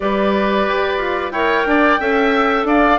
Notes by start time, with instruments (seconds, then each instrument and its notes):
0.00 bassoon G3, clarinet G4, oboe B4, flute D5
0.67 bassoon G4
0.97 bassoon F4
1.31 bassoon E4, clarinet A#4, oboe C#5, flute G5
1.65 bassoon D4, oboe D5
1.99 bassoon C#4, clarinet A4, oboe E5
2.64 bassoon D4, oboe D5, flute F5